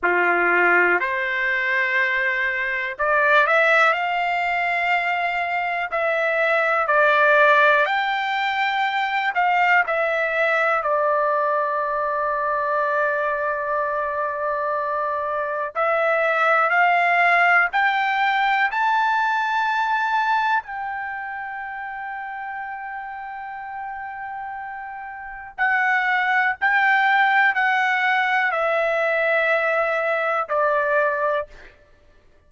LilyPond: \new Staff \with { instrumentName = "trumpet" } { \time 4/4 \tempo 4 = 61 f'4 c''2 d''8 e''8 | f''2 e''4 d''4 | g''4. f''8 e''4 d''4~ | d''1 |
e''4 f''4 g''4 a''4~ | a''4 g''2.~ | g''2 fis''4 g''4 | fis''4 e''2 d''4 | }